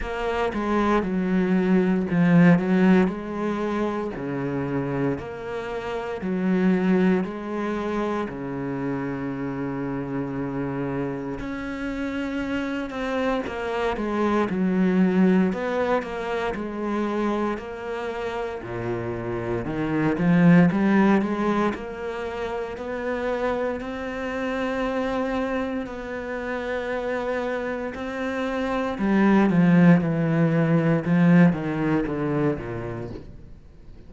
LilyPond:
\new Staff \with { instrumentName = "cello" } { \time 4/4 \tempo 4 = 58 ais8 gis8 fis4 f8 fis8 gis4 | cis4 ais4 fis4 gis4 | cis2. cis'4~ | cis'8 c'8 ais8 gis8 fis4 b8 ais8 |
gis4 ais4 ais,4 dis8 f8 | g8 gis8 ais4 b4 c'4~ | c'4 b2 c'4 | g8 f8 e4 f8 dis8 d8 ais,8 | }